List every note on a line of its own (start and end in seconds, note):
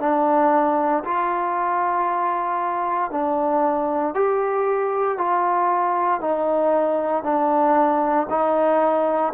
0.00 1.03 D4
1.04 3.11 F4
3.11 4.14 D4
4.15 5.18 G4
5.18 6.21 F4
6.21 7.24 D#4
7.24 8.27 D4
8.29 9.33 D#4